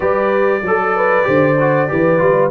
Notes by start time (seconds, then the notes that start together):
0.00 G3 G4 B4 D5
0.62 F#3 A4
0.96 B4
1.23 D3 G4 C5
1.59 F#4
1.88 E3 G4 B4
2.18 G3 F4